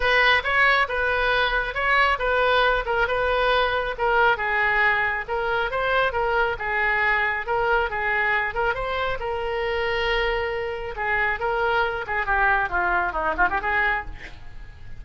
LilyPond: \new Staff \with { instrumentName = "oboe" } { \time 4/4 \tempo 4 = 137 b'4 cis''4 b'2 | cis''4 b'4. ais'8 b'4~ | b'4 ais'4 gis'2 | ais'4 c''4 ais'4 gis'4~ |
gis'4 ais'4 gis'4. ais'8 | c''4 ais'2.~ | ais'4 gis'4 ais'4. gis'8 | g'4 f'4 dis'8 f'16 g'16 gis'4 | }